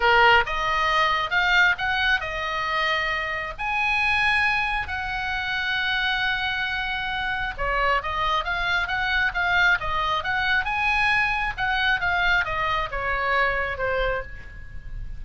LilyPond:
\new Staff \with { instrumentName = "oboe" } { \time 4/4 \tempo 4 = 135 ais'4 dis''2 f''4 | fis''4 dis''2. | gis''2. fis''4~ | fis''1~ |
fis''4 cis''4 dis''4 f''4 | fis''4 f''4 dis''4 fis''4 | gis''2 fis''4 f''4 | dis''4 cis''2 c''4 | }